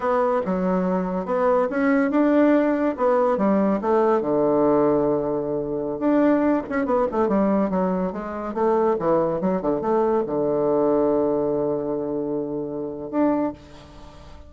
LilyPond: \new Staff \with { instrumentName = "bassoon" } { \time 4/4 \tempo 4 = 142 b4 fis2 b4 | cis'4 d'2 b4 | g4 a4 d2~ | d2~ d16 d'4. cis'16~ |
cis'16 b8 a8 g4 fis4 gis8.~ | gis16 a4 e4 fis8 d8 a8.~ | a16 d2.~ d8.~ | d2. d'4 | }